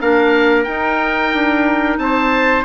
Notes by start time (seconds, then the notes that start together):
0.00 A#3 D4 A#4 F5
0.64 D#4 G5
1.33 D4
1.97 C4 C5 A5